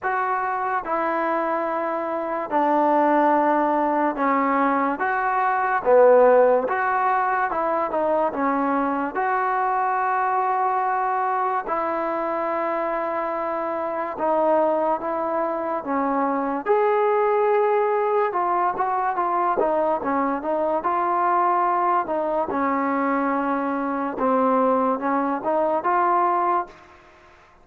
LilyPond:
\new Staff \with { instrumentName = "trombone" } { \time 4/4 \tempo 4 = 72 fis'4 e'2 d'4~ | d'4 cis'4 fis'4 b4 | fis'4 e'8 dis'8 cis'4 fis'4~ | fis'2 e'2~ |
e'4 dis'4 e'4 cis'4 | gis'2 f'8 fis'8 f'8 dis'8 | cis'8 dis'8 f'4. dis'8 cis'4~ | cis'4 c'4 cis'8 dis'8 f'4 | }